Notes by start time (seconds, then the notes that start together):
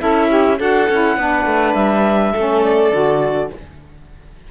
0.00 C#4 E4 A4 E5
0.29 G4
0.59 D4 F#4 A4 F#5
0.89 C#4 E4
1.17 B3 D4 B4
1.46 A3
1.74 G3 E5
2.33 A3 C#4 A4
2.62 D5
2.92 D3 F#4